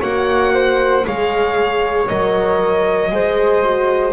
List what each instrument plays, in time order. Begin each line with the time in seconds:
0.00 double bass A#3, horn F#4, flute C#5, violin F#5
0.54 flute C5
1.04 double bass G#3, horn G#4, flute C#5, violin F5
2.08 double bass F#3, horn A#4, violin D#5
3.11 double bass G#3, horn G#4, flute C5
3.63 horn F#4